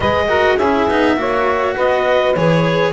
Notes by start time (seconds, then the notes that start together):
0.00 G#3 G#4 B4 D#5
0.28 F#4 A#4
0.56 C#4 G#4 E5
0.62 E4
0.87 B3 D#4
1.17 A#3 F#4 C#5
1.75 B3 B4 D#5
2.34 E3 G#4 C#5